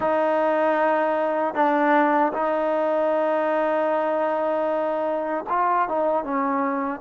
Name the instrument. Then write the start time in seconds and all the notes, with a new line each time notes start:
trombone
0.00 D#4
1.54 D4
2.33 D#4
5.49 F4
5.88 D#4
6.23 C#4